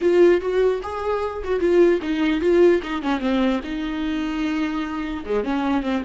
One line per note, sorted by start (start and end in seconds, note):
0.01 0.40 F4
0.40 0.81 F#4
0.82 1.43 G#4
1.44 1.59 F#4
1.59 2.00 F4
2.02 2.40 D#4
2.40 2.81 F4
2.82 3.01 D#4
3.01 3.20 C#4
3.20 3.60 C4
3.63 5.24 D#4
5.25 5.44 G#3
5.44 5.83 C#4
5.83 6.03 C4